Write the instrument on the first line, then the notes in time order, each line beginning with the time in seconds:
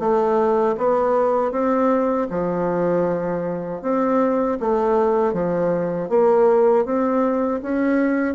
bassoon
0.00 A3
0.78 B3
1.52 C4
2.30 F3
3.83 C4
4.60 A3
5.33 F3
6.09 A#3
6.85 C4
7.63 C#4